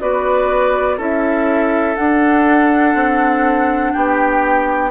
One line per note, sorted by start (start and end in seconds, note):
0.00 0.98 B3
0.00 0.98 F#4
0.00 0.97 B4
0.00 0.99 D5
0.97 1.97 C#4
0.97 1.95 E4
0.97 3.92 A4
0.97 1.96 E5
1.95 4.91 D4
1.95 2.95 D4
1.95 3.93 F#5
2.95 3.93 C4
3.93 4.91 B3
3.93 4.91 G4
3.93 4.91 G5